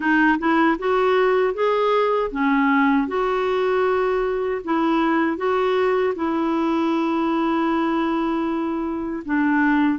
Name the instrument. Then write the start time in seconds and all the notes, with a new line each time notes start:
clarinet
0.00 D#4
0.38 E4
0.78 F#4
1.53 G#4
2.31 C#4
3.07 F#4
4.64 E4
5.37 F#4
6.15 E4
9.25 D4